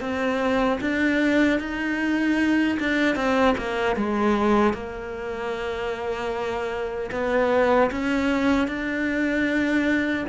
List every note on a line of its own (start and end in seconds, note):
0.00 0.79 C4
0.81 1.59 D4
1.59 2.77 D#4
2.79 3.15 D4
3.15 3.55 C4
3.57 3.96 A#3
3.96 4.73 G#3
4.73 7.10 A#3
7.11 7.90 B3
7.91 8.67 C#4
8.67 10.25 D4